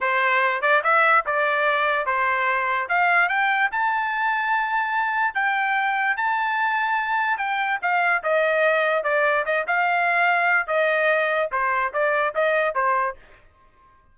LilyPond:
\new Staff \with { instrumentName = "trumpet" } { \time 4/4 \tempo 4 = 146 c''4. d''8 e''4 d''4~ | d''4 c''2 f''4 | g''4 a''2.~ | a''4 g''2 a''4~ |
a''2 g''4 f''4 | dis''2 d''4 dis''8 f''8~ | f''2 dis''2 | c''4 d''4 dis''4 c''4 | }